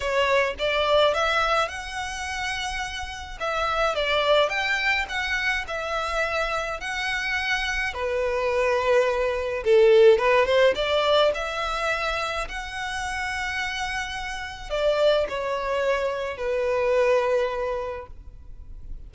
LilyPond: \new Staff \with { instrumentName = "violin" } { \time 4/4 \tempo 4 = 106 cis''4 d''4 e''4 fis''4~ | fis''2 e''4 d''4 | g''4 fis''4 e''2 | fis''2 b'2~ |
b'4 a'4 b'8 c''8 d''4 | e''2 fis''2~ | fis''2 d''4 cis''4~ | cis''4 b'2. | }